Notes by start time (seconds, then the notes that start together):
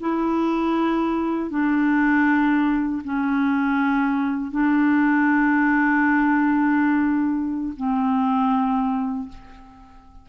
0.00 E4
1.50 D4
3.04 C#4
4.51 D4
7.76 C4